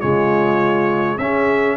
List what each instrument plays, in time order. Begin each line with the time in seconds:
0.00 tuba C#3, trombone G#3, horn F4, trumpet C#5
1.18 tuba C#4, trombone C#4, horn G#4, trumpet E5